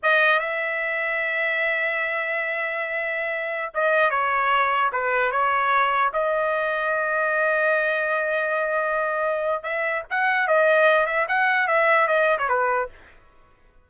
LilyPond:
\new Staff \with { instrumentName = "trumpet" } { \time 4/4 \tempo 4 = 149 dis''4 e''2.~ | e''1~ | e''4~ e''16 dis''4 cis''4.~ cis''16~ | cis''16 b'4 cis''2 dis''8.~ |
dis''1~ | dis''1 | e''4 fis''4 dis''4. e''8 | fis''4 e''4 dis''8. cis''16 b'4 | }